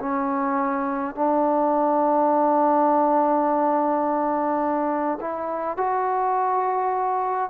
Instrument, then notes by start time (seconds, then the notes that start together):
trombone
0.00 C#4
1.15 D4
5.21 E4
5.77 F#4